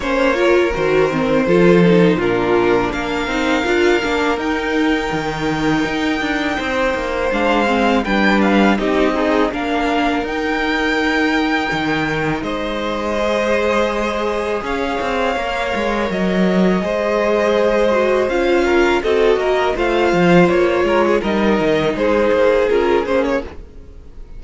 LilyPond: <<
  \new Staff \with { instrumentName = "violin" } { \time 4/4 \tempo 4 = 82 cis''4 c''2 ais'4 | f''2 g''2~ | g''2 f''4 g''8 f''8 | dis''4 f''4 g''2~ |
g''4 dis''2. | f''2 dis''2~ | dis''4 f''4 dis''4 f''4 | cis''4 dis''4 c''4 ais'8 c''16 cis''16 | }
  \new Staff \with { instrumentName = "violin" } { \time 4/4 c''8 ais'4. a'4 f'4 | ais'1~ | ais'4 c''2 b'4 | g'8 dis'8 ais'2.~ |
ais'4 c''2. | cis''2. c''4~ | c''4. ais'8 a'8 ais'8 c''4~ | c''8 ais'16 gis'16 ais'4 gis'2 | }
  \new Staff \with { instrumentName = "viola" } { \time 4/4 cis'8 f'8 fis'8 c'8 f'8 dis'8 d'4~ | d'8 dis'8 f'8 d'8 dis'2~ | dis'2 d'8 c'8 d'4 | dis'8 gis'8 d'4 dis'2~ |
dis'2 gis'2~ | gis'4 ais'2 gis'4~ | gis'8 fis'8 f'4 fis'4 f'4~ | f'4 dis'2 f'8 cis'8 | }
  \new Staff \with { instrumentName = "cello" } { \time 4/4 ais4 dis4 f4 ais,4 | ais8 c'8 d'8 ais8 dis'4 dis4 | dis'8 d'8 c'8 ais8 gis4 g4 | c'4 ais4 dis'2 |
dis4 gis2. | cis'8 c'8 ais8 gis8 fis4 gis4~ | gis4 cis'4 c'8 ais8 a8 f8 | ais8 gis8 g8 dis8 gis8 ais8 cis'8 ais8 | }
>>